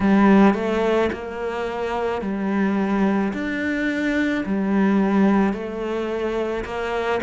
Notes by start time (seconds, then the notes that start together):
0.00 G3
0.54 A3
1.12 A#3
2.21 G3
3.33 D4
4.45 G3
5.53 A3
6.65 A#3